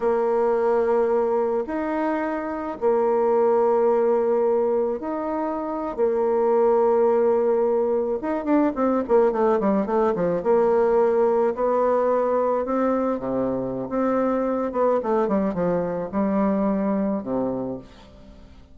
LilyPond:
\new Staff \with { instrumentName = "bassoon" } { \time 4/4 \tempo 4 = 108 ais2. dis'4~ | dis'4 ais2.~ | ais4 dis'4.~ dis'16 ais4~ ais16~ | ais2~ ais8. dis'8 d'8 c'16~ |
c'16 ais8 a8 g8 a8 f8 ais4~ ais16~ | ais8. b2 c'4 c16~ | c4 c'4. b8 a8 g8 | f4 g2 c4 | }